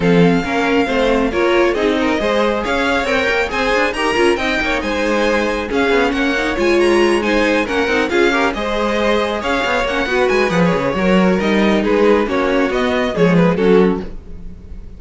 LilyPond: <<
  \new Staff \with { instrumentName = "violin" } { \time 4/4 \tempo 4 = 137 f''2. cis''4 | dis''2 f''4 g''4 | gis''4 ais''4 g''4 gis''4~ | gis''4 f''4 fis''4 gis''8 ais''8~ |
ais''8 gis''4 fis''4 f''4 dis''8~ | dis''4. f''4 fis''4 gis''8 | fis''16 cis''4.~ cis''16 dis''4 b'4 | cis''4 dis''4 cis''8 b'8 a'4 | }
  \new Staff \with { instrumentName = "violin" } { \time 4/4 a'4 ais'4 c''4 ais'4 | gis'8 ais'8 c''4 cis''2 | c''4 ais'4 dis''8 cis''8 c''4~ | c''4 gis'4 cis''2~ |
cis''8 c''4 ais'4 gis'8 ais'8 c''8~ | c''4. cis''4. b'4~ | b'4 ais'2 gis'4 | fis'2 gis'4 fis'4 | }
  \new Staff \with { instrumentName = "viola" } { \time 4/4 c'4 cis'4 c'4 f'4 | dis'4 gis'2 ais'4 | gis'4 g'8 f'8 dis'2~ | dis'4 cis'4. dis'8 f'4~ |
f'8 dis'4 cis'8 dis'8 f'8 g'8 gis'8~ | gis'2~ gis'8 cis'8 fis'4 | gis'4 fis'4 dis'2 | cis'4 b4 gis4 cis'4 | }
  \new Staff \with { instrumentName = "cello" } { \time 4/4 f4 ais4 a4 ais4 | c'4 gis4 cis'4 c'8 ais8 | c'8 d'8 dis'8 cis'8 c'8 ais8 gis4~ | gis4 cis'8 b8 ais4 gis4~ |
gis4. ais8 c'8 cis'4 gis8~ | gis4. cis'8 b8 ais8 b8 gis8 | f8 cis8 fis4 g4 gis4 | ais4 b4 f4 fis4 | }
>>